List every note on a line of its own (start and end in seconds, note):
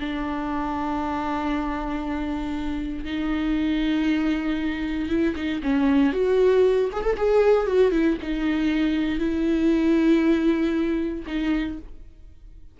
0.00 3.05 D4
3.05 5.09 D#4
5.09 5.35 E4
5.36 5.61 D#4
5.63 6.13 C#4
6.13 6.90 F#4
6.93 7.04 G#4
7.04 7.17 A4
7.17 7.67 G#4
7.67 7.92 F#4
7.92 8.17 E4
8.22 9.19 D#4
9.19 11.24 E4
11.27 11.78 D#4